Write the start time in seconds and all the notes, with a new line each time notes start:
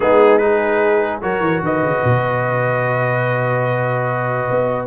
0.00 G#3 B3 D#4 G#4
0.38 D#4 G#4 B4
1.21 F#3 F#4 A#4 C#5
1.40 E3
1.62 D#3 B4 D#5
1.81 C#3
2.04 B2
4.50 B3